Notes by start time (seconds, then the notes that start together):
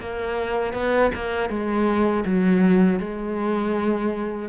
0.00 A#3
0.73 B3
1.15 A#3
1.49 G#3
2.25 F#3
2.99 G#3